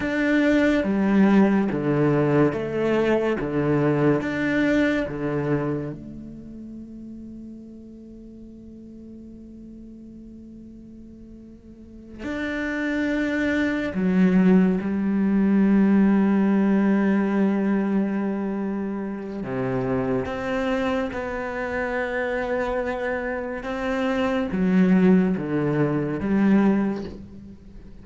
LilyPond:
\new Staff \with { instrumentName = "cello" } { \time 4/4 \tempo 4 = 71 d'4 g4 d4 a4 | d4 d'4 d4 a4~ | a1~ | a2~ a8 d'4.~ |
d'8 fis4 g2~ g8~ | g2. c4 | c'4 b2. | c'4 fis4 d4 g4 | }